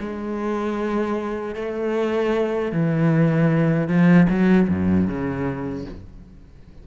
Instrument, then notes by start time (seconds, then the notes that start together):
cello
0.00 G#3
1.56 A3
2.72 E3
3.89 F3
4.30 F#3
4.70 F#2
5.08 C#3